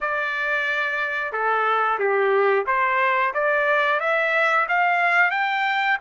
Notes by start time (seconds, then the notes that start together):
0.01 D5
1.32 A4
1.98 G4
2.66 C5
3.33 D5
4.00 E5
4.68 F5
5.30 G5